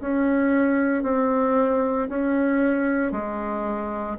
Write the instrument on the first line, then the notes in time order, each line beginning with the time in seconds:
bassoon
0.00 C#4
1.02 C4
2.09 C#4
3.11 G#3